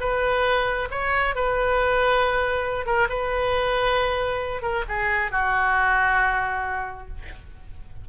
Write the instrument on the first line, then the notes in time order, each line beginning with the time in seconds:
oboe
0.00 B4
0.91 C#5
1.35 B4
2.86 A#4
3.09 B4
4.62 A#4
4.88 G#4
5.31 F#4